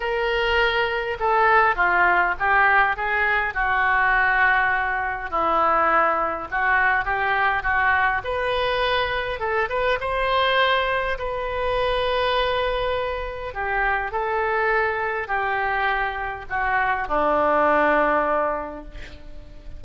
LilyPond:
\new Staff \with { instrumentName = "oboe" } { \time 4/4 \tempo 4 = 102 ais'2 a'4 f'4 | g'4 gis'4 fis'2~ | fis'4 e'2 fis'4 | g'4 fis'4 b'2 |
a'8 b'8 c''2 b'4~ | b'2. g'4 | a'2 g'2 | fis'4 d'2. | }